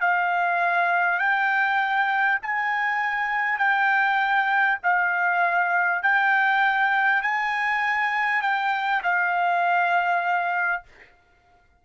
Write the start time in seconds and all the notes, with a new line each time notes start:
0.00 F5
1.18 G5
2.42 G#5
3.58 G5
4.83 F5
6.02 G5
7.22 G#5
8.42 G5
9.03 F5